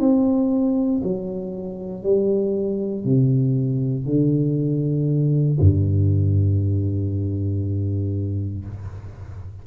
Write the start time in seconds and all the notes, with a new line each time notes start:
0.00 C4
1.04 F#3
2.03 G3
3.05 C3
4.06 D3
5.60 G2